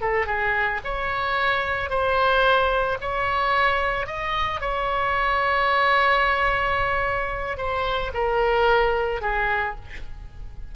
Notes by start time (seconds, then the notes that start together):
0.00 A4
0.26 G#4
0.84 C#5
1.89 C5
3.00 C#5
4.06 D#5
4.60 C#5
7.57 C5
8.14 A#4
9.21 G#4